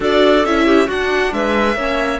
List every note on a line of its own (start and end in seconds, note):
0.00 0.44 D4
0.00 0.44 F#4
0.00 0.65 A4
0.00 0.45 D5
0.44 0.88 C#4
0.44 0.88 E4
0.44 0.89 E5
0.65 0.86 G4
0.86 1.76 D4
0.86 1.32 D4
0.86 1.30 F#4
0.86 1.33 F#5
1.32 1.75 G#3
1.32 1.76 B4
1.32 2.19 E5
1.75 2.19 A#3
1.75 2.19 C#4
1.75 2.19 C#5